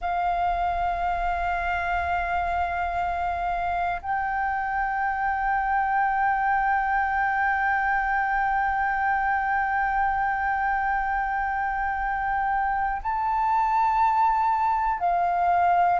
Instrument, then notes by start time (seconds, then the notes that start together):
flute
0.00 F5
4.01 G5
13.02 A5
15.00 F5